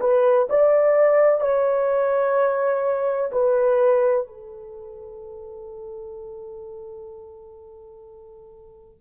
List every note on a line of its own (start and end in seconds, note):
0.00 0.48 B4
0.49 1.41 D5
1.41 3.31 C#5
3.32 4.27 B4
4.27 9.01 A4